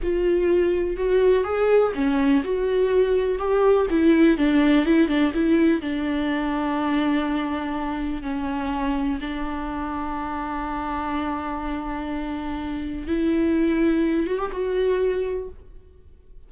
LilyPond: \new Staff \with { instrumentName = "viola" } { \time 4/4 \tempo 4 = 124 f'2 fis'4 gis'4 | cis'4 fis'2 g'4 | e'4 d'4 e'8 d'8 e'4 | d'1~ |
d'4 cis'2 d'4~ | d'1~ | d'2. e'4~ | e'4. fis'16 g'16 fis'2 | }